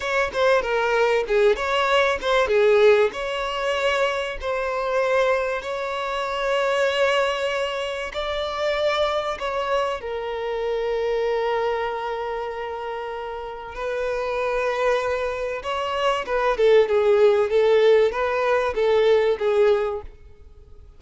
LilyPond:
\new Staff \with { instrumentName = "violin" } { \time 4/4 \tempo 4 = 96 cis''8 c''8 ais'4 gis'8 cis''4 c''8 | gis'4 cis''2 c''4~ | c''4 cis''2.~ | cis''4 d''2 cis''4 |
ais'1~ | ais'2 b'2~ | b'4 cis''4 b'8 a'8 gis'4 | a'4 b'4 a'4 gis'4 | }